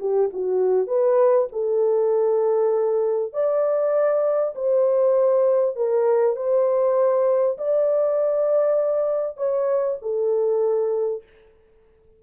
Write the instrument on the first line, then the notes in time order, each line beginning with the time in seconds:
horn
0.00 G4
0.33 F#4
0.88 B4
1.53 A4
3.33 D5
4.55 C5
5.76 A#4
6.37 C5
7.58 D5
9.37 C#5
10.02 A4